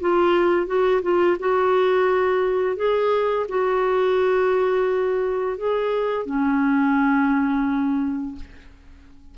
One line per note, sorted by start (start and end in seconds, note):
0.00 0.66 F4
0.66 1.01 F#4
1.02 1.37 F4
1.39 2.76 F#4
2.76 3.46 G#4
3.48 5.57 F#4
5.57 6.26 G#4
6.26 8.35 C#4